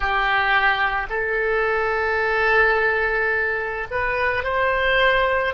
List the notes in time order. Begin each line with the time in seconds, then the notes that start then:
0.00 G4
1.09 A4
3.90 B4
4.43 C5